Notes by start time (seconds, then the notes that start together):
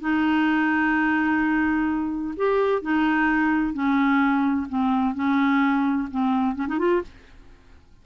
0.00 D#4
2.37 G4
2.82 D#4
3.73 C#4
4.69 C4
5.15 C#4
6.11 C4
6.55 C#4
6.68 D#4
6.78 F4